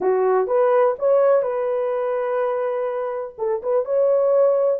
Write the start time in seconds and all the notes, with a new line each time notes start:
0.00 F#4
0.47 B4
0.98 C#5
1.42 B4
3.38 A4
3.62 B4
3.85 C#5